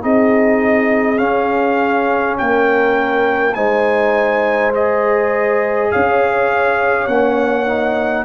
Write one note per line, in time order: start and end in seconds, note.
0.00 1.19 C4
0.00 1.17 D#4
0.00 2.37 G#4
0.00 1.18 D#5
1.17 3.52 C#4
1.17 2.37 C#4
1.17 2.36 F5
2.37 3.56 A#3
2.37 3.56 A#4
2.37 3.54 G5
3.54 5.91 G#3
3.54 4.73 D#4
3.54 5.91 C5
3.54 4.72 G#5
4.73 7.08 G#4
4.73 5.91 D#5
5.91 7.07 C#4
5.91 8.25 C#5
5.91 7.07 F5
7.07 8.25 A#3
7.07 7.67 C#4
7.07 8.25 F#5
7.67 8.25 D#4